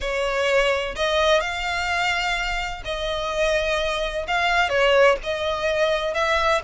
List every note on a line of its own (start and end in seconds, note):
0.00 0.95 C#5
0.95 1.40 D#5
1.40 2.82 F5
2.84 4.26 D#5
4.27 4.69 F5
4.69 5.16 C#5
5.23 6.14 D#5
6.14 6.61 E5